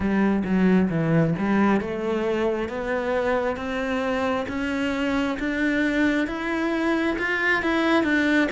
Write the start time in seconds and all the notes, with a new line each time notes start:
0.00 G3
0.44 F#3
0.90 E3
1.38 G3
1.81 A3
2.68 B3
3.56 C4
4.48 C#4
5.39 D4
6.27 E4
7.18 F4
7.62 E4
8.03 D4